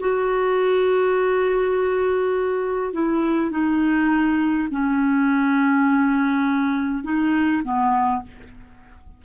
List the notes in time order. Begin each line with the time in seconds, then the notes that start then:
0.00 F#4
2.94 E4
3.51 D#4
4.71 C#4
7.04 D#4
7.64 B3